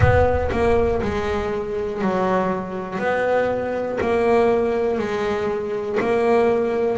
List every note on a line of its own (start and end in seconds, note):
0.00 0.50 B3
0.51 1.01 A#3
1.01 2.01 G#3
2.01 2.99 F#3
2.99 3.99 B3
4.00 4.98 A#3
4.98 5.98 G#3
6.00 6.97 A#3